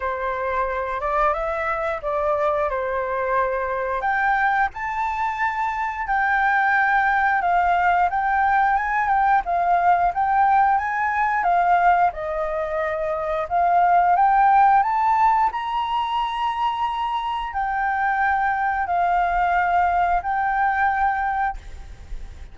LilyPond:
\new Staff \with { instrumentName = "flute" } { \time 4/4 \tempo 4 = 89 c''4. d''8 e''4 d''4 | c''2 g''4 a''4~ | a''4 g''2 f''4 | g''4 gis''8 g''8 f''4 g''4 |
gis''4 f''4 dis''2 | f''4 g''4 a''4 ais''4~ | ais''2 g''2 | f''2 g''2 | }